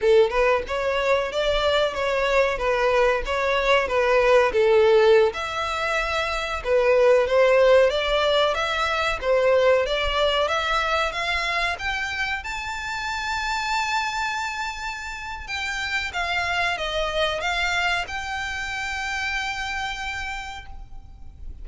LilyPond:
\new Staff \with { instrumentName = "violin" } { \time 4/4 \tempo 4 = 93 a'8 b'8 cis''4 d''4 cis''4 | b'4 cis''4 b'4 a'4~ | a'16 e''2 b'4 c''8.~ | c''16 d''4 e''4 c''4 d''8.~ |
d''16 e''4 f''4 g''4 a''8.~ | a''1 | g''4 f''4 dis''4 f''4 | g''1 | }